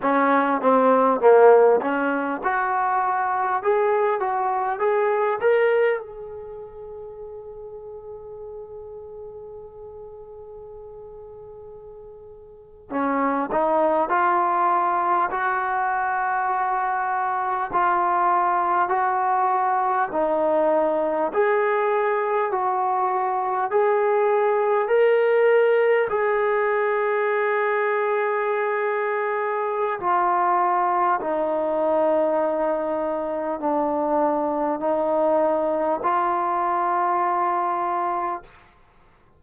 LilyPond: \new Staff \with { instrumentName = "trombone" } { \time 4/4 \tempo 4 = 50 cis'8 c'8 ais8 cis'8 fis'4 gis'8 fis'8 | gis'8 ais'8 gis'2.~ | gis'2~ gis'8. cis'8 dis'8 f'16~ | f'8. fis'2 f'4 fis'16~ |
fis'8. dis'4 gis'4 fis'4 gis'16~ | gis'8. ais'4 gis'2~ gis'16~ | gis'4 f'4 dis'2 | d'4 dis'4 f'2 | }